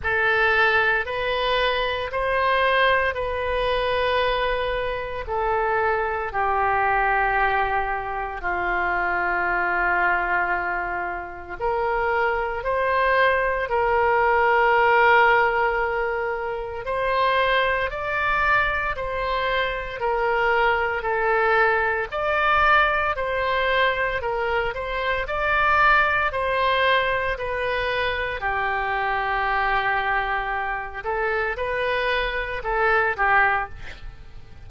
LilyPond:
\new Staff \with { instrumentName = "oboe" } { \time 4/4 \tempo 4 = 57 a'4 b'4 c''4 b'4~ | b'4 a'4 g'2 | f'2. ais'4 | c''4 ais'2. |
c''4 d''4 c''4 ais'4 | a'4 d''4 c''4 ais'8 c''8 | d''4 c''4 b'4 g'4~ | g'4. a'8 b'4 a'8 g'8 | }